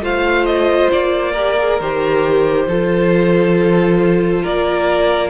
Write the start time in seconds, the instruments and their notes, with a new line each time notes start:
0.00 cello A3, viola F4, violin C5 F5
0.46 violin D#5
0.92 cello A#3, violin D5
1.32 viola G4, violin A#4
1.59 viola G#4
1.80 cello D#3, viola G4, violin C5
2.67 cello F3, viola F4, violin A4
4.43 cello A#3, violin A#4 D5